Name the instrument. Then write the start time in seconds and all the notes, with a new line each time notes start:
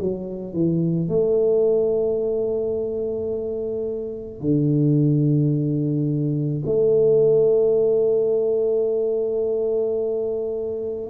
tuba
0.00 F#3
0.54 E3
1.09 A3
4.41 D3
6.66 A3